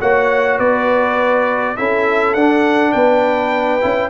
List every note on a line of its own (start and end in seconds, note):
0.00 0.59 A#3
0.00 1.76 F#4
0.00 0.58 C#5
0.00 0.59 F#5
0.58 1.76 B3
0.58 1.75 B4
0.58 1.77 D5
1.77 2.35 C#4
1.77 2.37 E4
1.77 2.93 A4
1.77 2.34 E5
2.34 2.94 D4
2.34 3.81 D4
2.34 2.92 F#5
2.92 3.83 B3
2.92 4.10 B4
2.92 4.10 G5
3.81 4.10 C#4
3.81 4.10 E4